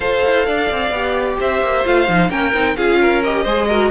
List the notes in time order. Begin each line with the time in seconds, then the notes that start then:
0.00 F4 A4 C5 F5
0.24 E4
0.45 D4 D5
0.71 C4
0.90 B3 G4
1.39 C4 C5 E5
1.61 A#3
1.84 A3 F4 F5
2.08 F3 D#4
2.29 A#3 C#4 A#4 G5
2.53 C4 D#4
2.76 C#4 F4 G#4 F5
3.01 A#4
3.23 G4 D#5
3.43 G#3 G#4 C5
3.68 F#4 A#4